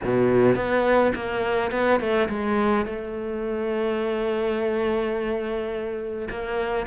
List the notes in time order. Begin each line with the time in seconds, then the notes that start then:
0.03 B2
0.55 B3
1.15 A#3
1.71 B3
1.99 A3
2.28 G#3
2.85 A3
6.30 A#3